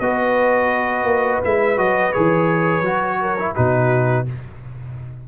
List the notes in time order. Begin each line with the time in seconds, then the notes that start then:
0.00 B3 F#4 B4 D#5
1.04 A#3
1.44 G#3 E4 E5
1.77 F#3 F#4 D#5
2.12 E3 G#4 C#5
2.81 F#3 F#4
3.21 A#4
3.39 E4
3.54 B2 D#4 F#4 B4